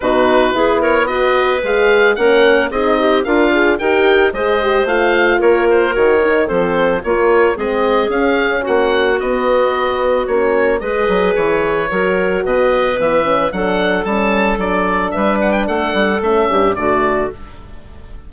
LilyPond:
<<
  \new Staff \with { instrumentName = "oboe" } { \time 4/4 \tempo 4 = 111 b'4. cis''8 dis''4 f''4 | fis''4 dis''4 f''4 g''4 | dis''4 f''4 cis''8 c''8 cis''4 | c''4 cis''4 dis''4 f''4 |
fis''4 dis''2 cis''4 | dis''4 cis''2 dis''4 | e''4 fis''4 a''4 d''4 | e''8 fis''16 g''16 fis''4 e''4 d''4 | }
  \new Staff \with { instrumentName = "clarinet" } { \time 4/4 fis'4 gis'8 ais'8 b'2 | ais'4 gis'8 g'8 f'4 ais'4 | c''2 ais'2 | a'4 f'4 gis'2 |
fis'1 | b'2 ais'4 b'4~ | b'4 a'2. | b'4 a'4. g'8 fis'4 | }
  \new Staff \with { instrumentName = "horn" } { \time 4/4 dis'4 e'4 fis'4 gis'4 | cis'4 dis'4 ais'8 gis'8 g'4 | gis'8 g'8 f'2 fis'8 dis'8 | c'4 ais4 c'4 cis'4~ |
cis'4 b2 cis'4 | gis'2 fis'2 | b8 cis'8 d'4 cis'4 d'4~ | d'2 cis'4 a4 | }
  \new Staff \with { instrumentName = "bassoon" } { \time 4/4 b,4 b2 gis4 | ais4 c'4 d'4 dis'4 | gis4 a4 ais4 dis4 | f4 ais4 gis4 cis'4 |
ais4 b2 ais4 | gis8 fis8 e4 fis4 b,4 | e4 fis4 g4 fis4 | g4 a8 g8 a8 g,8 d4 | }
>>